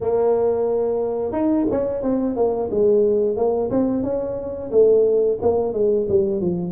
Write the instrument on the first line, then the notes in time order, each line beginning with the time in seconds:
tuba
0.00 A#3
1.31 D#4
1.70 C#4
2.02 C4
2.36 A#3
2.71 G#3
3.36 A#3
3.70 C4
4.03 C#4
4.71 A3
5.41 A#3
5.73 G#3
6.09 G3
6.40 F3